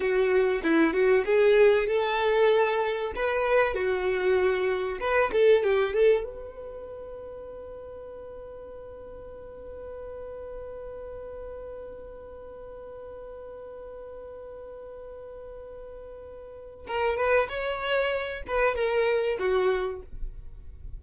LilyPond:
\new Staff \with { instrumentName = "violin" } { \time 4/4 \tempo 4 = 96 fis'4 e'8 fis'8 gis'4 a'4~ | a'4 b'4 fis'2 | b'8 a'8 g'8 a'8 b'2~ | b'1~ |
b'1~ | b'1~ | b'2. ais'8 b'8 | cis''4. b'8 ais'4 fis'4 | }